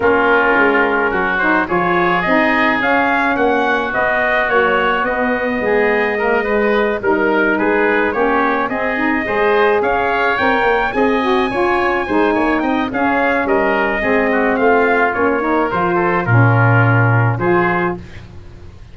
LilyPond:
<<
  \new Staff \with { instrumentName = "trumpet" } { \time 4/4 \tempo 4 = 107 ais'2~ ais'8 c''8 cis''4 | dis''4 f''4 fis''4 dis''4 | cis''4 dis''2.~ | dis''8 ais'4 b'4 cis''4 dis''8~ |
dis''4. f''4 g''4 gis''8~ | gis''2~ gis''8 g''8 f''4 | dis''2 f''4 cis''4 | c''4 ais'2 c''4 | }
  \new Staff \with { instrumentName = "oboe" } { \time 4/4 f'2 fis'4 gis'4~ | gis'2 fis'2~ | fis'2 gis'4 ais'8 b'8~ | b'8 ais'4 gis'4 g'4 gis'8~ |
gis'8 c''4 cis''2 dis''8~ | dis''8 cis''4 c''8 cis''8 dis''8 gis'4 | ais'4 gis'8 fis'8 f'4. ais'8~ | ais'8 a'8 f'2 gis'4 | }
  \new Staff \with { instrumentName = "saxophone" } { \time 4/4 cis'2~ cis'8 dis'8 f'4 | dis'4 cis'2 b4 | fis4 b2 ais8 gis8~ | gis8 dis'2 cis'4 c'8 |
dis'8 gis'2 ais'4 gis'8 | fis'8 f'4 dis'4. cis'4~ | cis'4 c'2 cis'8 dis'8 | f'4 cis'2 f'4 | }
  \new Staff \with { instrumentName = "tuba" } { \time 4/4 ais4 gis4 fis4 f4 | c'4 cis'4 ais4 b4 | ais4 b4 gis2~ | gis8 g4 gis4 ais4 c'8~ |
c'8 gis4 cis'4 c'8 ais8 c'8~ | c'8 cis'4 gis8 ais8 c'8 cis'4 | g4 gis4 a4 ais4 | f4 ais,2 f4 | }
>>